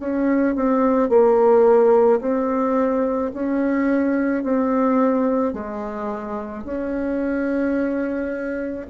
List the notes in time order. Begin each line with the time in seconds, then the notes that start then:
0.00 C#4
0.56 C4
1.10 A#3
2.21 C4
3.33 C#4
4.43 C4
5.53 G#3
6.64 C#4